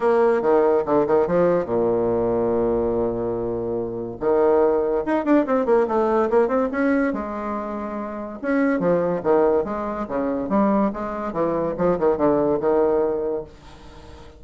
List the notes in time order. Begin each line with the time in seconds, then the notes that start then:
0.00 A#3
0.41 D#3
0.85 D3
1.06 D#3
1.27 F3
1.65 A#2
4.20 D#3
5.05 D#4
5.24 D4
5.46 C4
5.65 A#3
5.87 A3
6.30 A#3
6.47 C4
6.71 C#4
7.13 G#3
8.41 C#4
8.79 F3
9.23 D#3
9.64 G#3
10.08 C#3
10.49 G3
10.93 G#3
11.32 E3
11.77 F3
11.98 D#3
12.17 D3
12.60 D#3